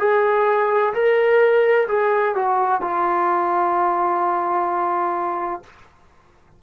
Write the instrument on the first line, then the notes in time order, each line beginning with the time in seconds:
trombone
0.00 G#4
0.94 A#4
1.89 G#4
2.36 F#4
2.82 F4